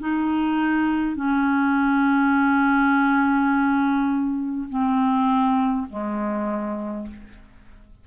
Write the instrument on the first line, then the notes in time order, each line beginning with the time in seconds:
clarinet
0.00 D#4
1.16 C#4
4.70 C4
5.90 G#3